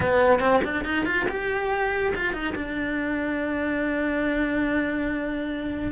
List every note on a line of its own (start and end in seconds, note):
0.00 0.39 B3
0.39 0.60 C4
0.63 0.85 D4
0.85 1.05 D#4
1.05 1.26 F4
1.28 2.13 G4
2.15 2.33 F4
2.33 2.54 D#4
2.55 5.91 D4